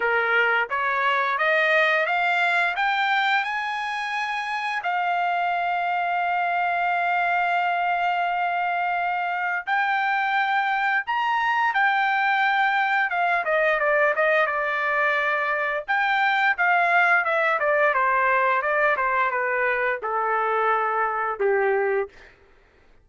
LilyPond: \new Staff \with { instrumentName = "trumpet" } { \time 4/4 \tempo 4 = 87 ais'4 cis''4 dis''4 f''4 | g''4 gis''2 f''4~ | f''1~ | f''2 g''2 |
ais''4 g''2 f''8 dis''8 | d''8 dis''8 d''2 g''4 | f''4 e''8 d''8 c''4 d''8 c''8 | b'4 a'2 g'4 | }